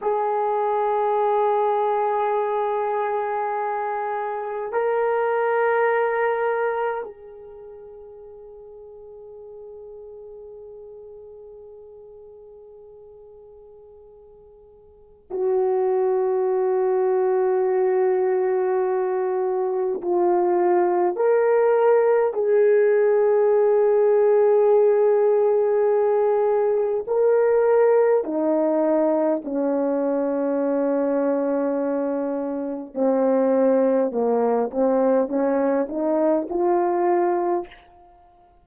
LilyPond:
\new Staff \with { instrumentName = "horn" } { \time 4/4 \tempo 4 = 51 gis'1 | ais'2 gis'2~ | gis'1~ | gis'4 fis'2.~ |
fis'4 f'4 ais'4 gis'4~ | gis'2. ais'4 | dis'4 cis'2. | c'4 ais8 c'8 cis'8 dis'8 f'4 | }